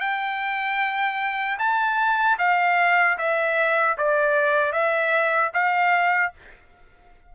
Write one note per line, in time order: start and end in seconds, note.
0.00 1.58 G5
1.59 2.38 A5
2.38 3.17 F5
3.18 3.97 E5
3.98 4.72 D5
4.72 5.51 E5
5.54 6.33 F5